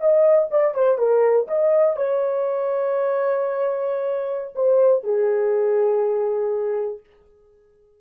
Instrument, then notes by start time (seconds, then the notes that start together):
horn
0.00 D#5
0.51 D5
0.75 C5
0.98 A#4
1.48 D#5
1.96 C#5
4.55 C5
5.04 G#4